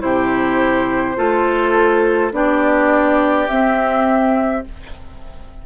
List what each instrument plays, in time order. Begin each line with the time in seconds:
0.00 bassoon C3, clarinet E4, oboe G4, flute C5
1.16 bassoon A3, clarinet F4, oboe A4
2.33 bassoon B3, clarinet D4, oboe G4, flute D5
3.49 clarinet C4, bassoon C4, flute E5